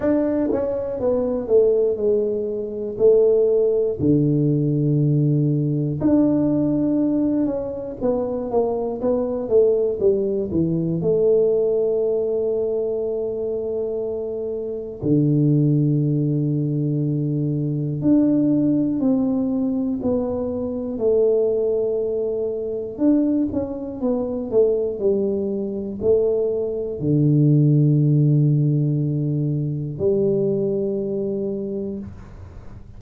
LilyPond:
\new Staff \with { instrumentName = "tuba" } { \time 4/4 \tempo 4 = 60 d'8 cis'8 b8 a8 gis4 a4 | d2 d'4. cis'8 | b8 ais8 b8 a8 g8 e8 a4~ | a2. d4~ |
d2 d'4 c'4 | b4 a2 d'8 cis'8 | b8 a8 g4 a4 d4~ | d2 g2 | }